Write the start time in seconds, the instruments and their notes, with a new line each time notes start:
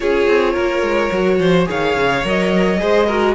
0.00 cello C#4, viola F4, violin G#4 C#5
0.27 cello C4
0.52 cello A#3, violin A#4
0.82 cello G#3
1.11 cello F#3, viola F#4
1.38 cello F3, violin C5
1.66 cello D#3, viola G#4, violin C#5 F5
1.96 cello C#3
2.24 cello F#3, viola A#4, violin D#5
2.78 cello G#3, viola G#4, violin C5
3.06 viola F#4, violin A#4